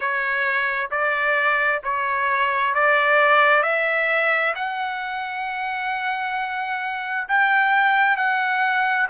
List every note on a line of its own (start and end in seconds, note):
0.00 0.89 C#5
0.90 1.81 D5
1.83 2.74 C#5
2.74 3.62 D5
3.62 4.53 E5
4.55 7.28 F#5
7.28 8.16 G5
8.16 9.07 F#5